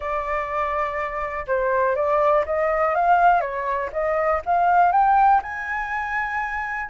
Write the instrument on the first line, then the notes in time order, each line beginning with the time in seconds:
flute
0.00 D5
1.47 C5
1.95 D5
2.45 D#5
2.94 F5
3.40 C#5
3.92 D#5
4.45 F5
4.92 G5
5.42 G#5